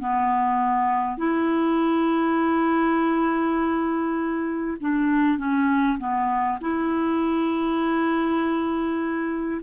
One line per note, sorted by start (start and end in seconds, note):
0.00 1.17 B3
1.17 4.77 E4
4.81 5.38 D4
5.38 5.98 C#4
5.99 6.59 B3
6.61 9.61 E4